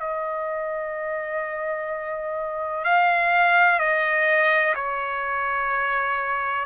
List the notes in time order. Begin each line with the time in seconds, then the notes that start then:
0.00 D#5
2.85 F5
3.80 D#5
4.76 C#5